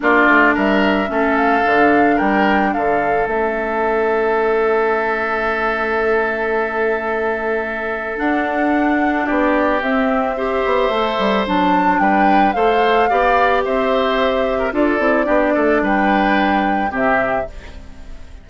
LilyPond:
<<
  \new Staff \with { instrumentName = "flute" } { \time 4/4 \tempo 4 = 110 d''4 e''4. f''4. | g''4 f''4 e''2~ | e''1~ | e''2. fis''4~ |
fis''4 d''4 e''2~ | e''4 a''4 g''4 f''4~ | f''4 e''2 d''4~ | d''4 g''2 e''4 | }
  \new Staff \with { instrumentName = "oboe" } { \time 4/4 f'4 ais'4 a'2 | ais'4 a'2.~ | a'1~ | a'1~ |
a'4 g'2 c''4~ | c''2 b'4 c''4 | d''4 c''4.~ c''16 ais'16 a'4 | g'8 a'8 b'2 g'4 | }
  \new Staff \with { instrumentName = "clarinet" } { \time 4/4 d'2 cis'4 d'4~ | d'2 cis'2~ | cis'1~ | cis'2. d'4~ |
d'2 c'4 g'4 | a'4 d'2 a'4 | g'2. f'8 e'8 | d'2. c'4 | }
  \new Staff \with { instrumentName = "bassoon" } { \time 4/4 ais8 a8 g4 a4 d4 | g4 d4 a2~ | a1~ | a2. d'4~ |
d'4 b4 c'4. b8 | a8 g8 fis4 g4 a4 | b4 c'2 d'8 c'8 | b8 a8 g2 c4 | }
>>